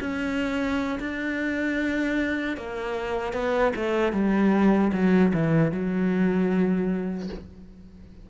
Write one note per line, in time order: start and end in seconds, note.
0.00 0.99 C#4
1.00 2.57 D4
2.57 3.33 A#3
3.33 3.72 B3
3.76 4.12 A3
4.12 4.91 G3
4.93 5.32 F#3
5.33 5.72 E3
5.72 7.30 F#3